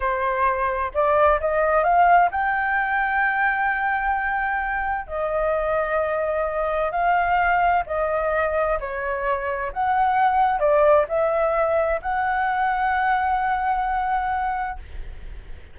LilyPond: \new Staff \with { instrumentName = "flute" } { \time 4/4 \tempo 4 = 130 c''2 d''4 dis''4 | f''4 g''2.~ | g''2. dis''4~ | dis''2. f''4~ |
f''4 dis''2 cis''4~ | cis''4 fis''2 d''4 | e''2 fis''2~ | fis''1 | }